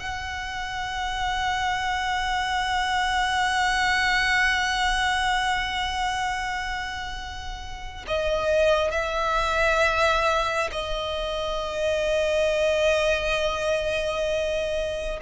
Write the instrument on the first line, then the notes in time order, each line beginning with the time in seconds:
violin
0.00 F#5
8.08 D#5
8.91 E5
10.72 D#5